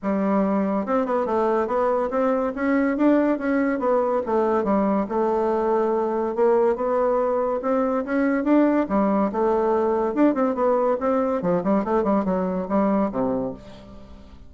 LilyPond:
\new Staff \with { instrumentName = "bassoon" } { \time 4/4 \tempo 4 = 142 g2 c'8 b8 a4 | b4 c'4 cis'4 d'4 | cis'4 b4 a4 g4 | a2. ais4 |
b2 c'4 cis'4 | d'4 g4 a2 | d'8 c'8 b4 c'4 f8 g8 | a8 g8 fis4 g4 c4 | }